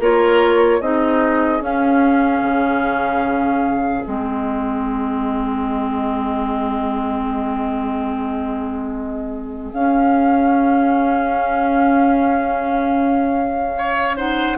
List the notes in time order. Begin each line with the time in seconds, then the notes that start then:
0.00 A#3 F4 A#4 C#5
0.80 C4 D#4 G#4 D#5
1.61 C#4 F5
2.42 C#3
4.05 G#3 C4 D#5
9.73 C#4 F5
13.78 C#5
14.17 D#4 C5 F#5